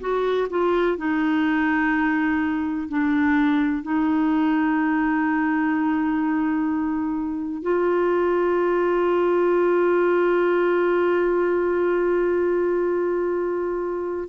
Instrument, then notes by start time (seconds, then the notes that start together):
clarinet
0.00 F#4
0.50 F4
0.97 D#4
2.88 D4
3.83 D#4
7.62 F4